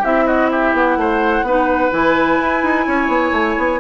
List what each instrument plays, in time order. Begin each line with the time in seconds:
0.00 bassoon C4, clarinet E4, oboe G4, flute E5
0.27 oboe F#4, flute D#5
0.51 oboe G4, flute E5
0.73 bassoon B3, flute F#5
0.97 bassoon A3, oboe C5
1.42 bassoon B3, oboe B4
1.48 clarinet D#4
1.92 bassoon E3, clarinet E4, flute G#5
2.41 bassoon E4
2.63 bassoon D#4
2.87 bassoon C#4, oboe C#5
3.08 bassoon B3
3.32 bassoon A3
3.58 bassoon B3